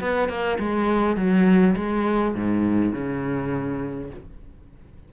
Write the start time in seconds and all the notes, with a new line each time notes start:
0.00 B3
0.28 A#3
0.59 G#3
1.16 F#3
1.76 G#3
2.34 G#2
2.93 C#3